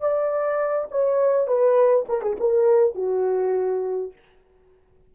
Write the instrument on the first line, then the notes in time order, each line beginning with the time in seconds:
horn
0.00 D5
0.91 C#5
1.47 B4
2.09 A#4
2.22 G#4
2.40 A#4
2.95 F#4